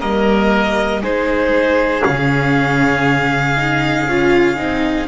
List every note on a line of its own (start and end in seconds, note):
0.00 1.02 G3
0.00 1.02 A#3
0.00 1.02 A#4
0.00 1.03 D#5
1.02 2.03 G#3
1.02 2.02 D#4
1.02 5.08 G#4
1.02 2.04 C5
2.02 4.08 C#3
2.02 3.55 C#4
2.02 5.08 F5
3.57 4.08 D#4
4.08 4.58 C#4
4.08 4.57 F4
4.57 5.08 C4
4.57 5.07 D#4